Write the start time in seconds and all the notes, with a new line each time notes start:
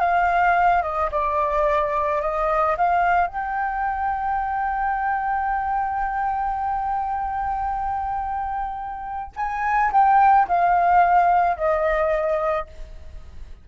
0.00 F5
0.83 D#5
1.12 D5
2.21 D#5
2.78 F5
3.27 G5
9.37 G#5
9.93 G5
10.48 F5
11.57 D#5